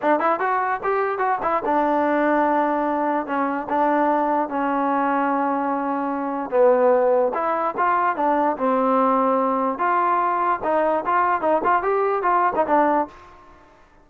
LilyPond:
\new Staff \with { instrumentName = "trombone" } { \time 4/4 \tempo 4 = 147 d'8 e'8 fis'4 g'4 fis'8 e'8 | d'1 | cis'4 d'2 cis'4~ | cis'1 |
b2 e'4 f'4 | d'4 c'2. | f'2 dis'4 f'4 | dis'8 f'8 g'4 f'8. dis'16 d'4 | }